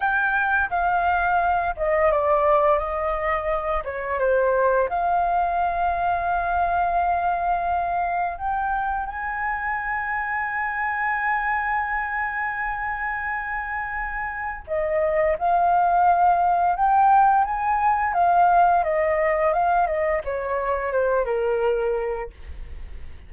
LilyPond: \new Staff \with { instrumentName = "flute" } { \time 4/4 \tempo 4 = 86 g''4 f''4. dis''8 d''4 | dis''4. cis''8 c''4 f''4~ | f''1 | g''4 gis''2.~ |
gis''1~ | gis''4 dis''4 f''2 | g''4 gis''4 f''4 dis''4 | f''8 dis''8 cis''4 c''8 ais'4. | }